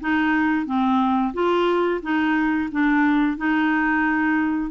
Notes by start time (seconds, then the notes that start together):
0.00 D#4
0.66 C4
1.33 F4
2.02 D#4
2.71 D4
3.37 D#4